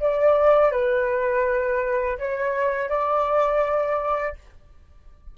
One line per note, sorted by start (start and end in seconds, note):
0.00 0.72 D5
0.72 2.18 B4
2.19 2.89 C#5
2.89 4.36 D5